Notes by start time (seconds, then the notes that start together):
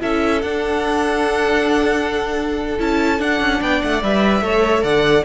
0.00 C#4 E4 A4 E5
0.42 D4 F#5
2.78 C#4 E4 A5
3.18 D4 F#5
3.40 C#4
3.61 B3 D5 G5
3.82 A3 F#5
4.02 G3 B4 E5
4.41 A3 A4 C#5
4.83 D3 D5 F#5